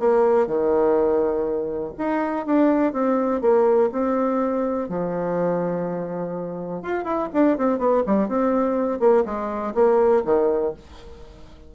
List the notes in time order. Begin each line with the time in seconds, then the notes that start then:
0.00 A#3
0.47 D#3
1.98 D#4
2.46 D4
2.93 C4
3.42 A#3
3.92 C4
4.89 F3
6.83 F4
7.05 E4
7.34 D4
7.58 C4
7.79 B3
8.07 G3
8.29 C4
9.00 A#3
9.25 G#3
9.75 A#3
10.25 D#3